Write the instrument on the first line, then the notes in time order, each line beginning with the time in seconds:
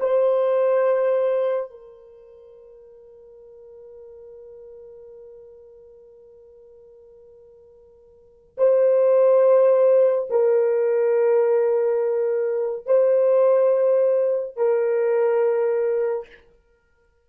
horn
0.00 C5
1.71 A#4
8.58 C5
10.30 A#4
12.86 C5
14.56 A#4